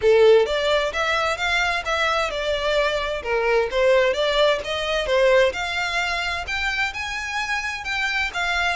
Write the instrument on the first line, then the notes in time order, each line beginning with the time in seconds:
violin
0.01 A4
0.46 D5
0.92 E5
1.37 F5
1.85 E5
2.30 D5
3.22 A#4
3.70 C5
4.13 D5
4.64 D#5
5.06 C5
5.53 F5
6.47 G5
6.93 G#5
7.84 G5
8.33 F5